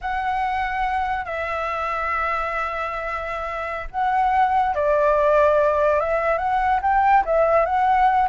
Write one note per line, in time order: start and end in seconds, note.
0.01 1.25 F#5
1.25 3.87 E5
3.90 4.74 F#5
4.74 6.00 D5
6.00 6.38 E5
6.38 6.80 F#5
6.82 7.24 G5
7.25 7.65 E5
7.65 8.28 F#5